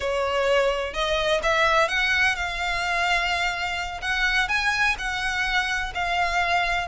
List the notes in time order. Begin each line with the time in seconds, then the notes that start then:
0.00 C#5
0.93 D#5
1.42 E5
1.88 F#5
2.35 F5
4.01 F#5
4.48 G#5
4.98 F#5
5.94 F5